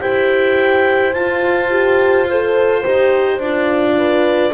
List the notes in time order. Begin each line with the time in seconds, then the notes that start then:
0.00 E4 G4 C5 G5
1.13 F4 A5
1.70 G4
2.28 A4 C5
2.84 D#4 G4
3.39 D4 F4 D5
3.98 B4